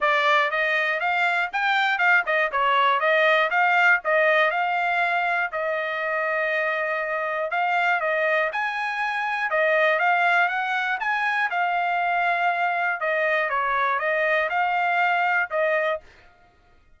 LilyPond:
\new Staff \with { instrumentName = "trumpet" } { \time 4/4 \tempo 4 = 120 d''4 dis''4 f''4 g''4 | f''8 dis''8 cis''4 dis''4 f''4 | dis''4 f''2 dis''4~ | dis''2. f''4 |
dis''4 gis''2 dis''4 | f''4 fis''4 gis''4 f''4~ | f''2 dis''4 cis''4 | dis''4 f''2 dis''4 | }